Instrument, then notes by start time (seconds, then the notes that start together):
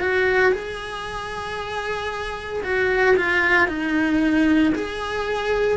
cello
0.00 F#4
0.52 G#4
2.63 F#4
3.16 F4
3.67 D#4
4.75 G#4